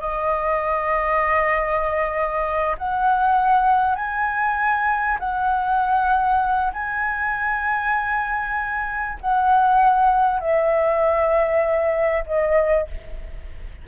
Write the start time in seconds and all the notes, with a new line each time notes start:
0.00 D#5
2.78 F#5
3.95 G#5
5.19 F#5
6.73 G#5
9.21 F#5
10.40 E5
12.26 D#5